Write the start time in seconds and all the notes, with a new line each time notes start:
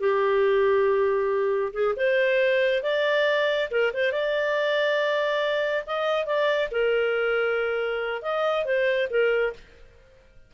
0.00 G4
1.73 G#4
1.97 C5
2.83 D5
3.71 A#4
3.94 C5
4.12 D5
5.87 D#5
6.26 D5
6.71 A#4
8.22 D#5
8.65 C5
9.10 A#4